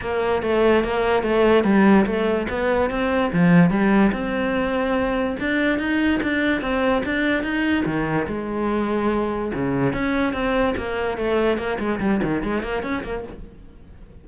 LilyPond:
\new Staff \with { instrumentName = "cello" } { \time 4/4 \tempo 4 = 145 ais4 a4 ais4 a4 | g4 a4 b4 c'4 | f4 g4 c'2~ | c'4 d'4 dis'4 d'4 |
c'4 d'4 dis'4 dis4 | gis2. cis4 | cis'4 c'4 ais4 a4 | ais8 gis8 g8 dis8 gis8 ais8 cis'8 ais8 | }